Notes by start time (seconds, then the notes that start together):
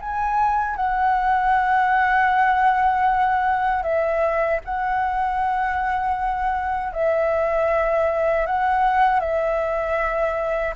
0.00 G#5
0.76 F#5
3.83 E5
4.65 F#5
6.93 E5
8.46 F#5
9.20 E5